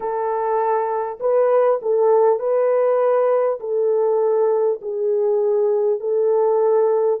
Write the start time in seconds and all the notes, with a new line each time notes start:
0.00 A4
1.20 B4
1.82 A4
2.39 B4
3.60 A4
4.81 G#4
6.00 A4